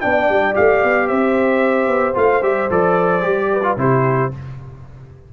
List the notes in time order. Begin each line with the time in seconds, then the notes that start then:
0.00 B3 D4 D5 G5
0.29 G3
0.53 A3 G4 F5
0.83 B3
1.07 C4 C5 E5
1.87 B3
2.14 A3 F4 F5
2.42 G3 G4 E5
2.70 F3 A4 D5
3.21 G3 G4
3.52 B4
3.63 F4
3.77 C3 E4 G4 C5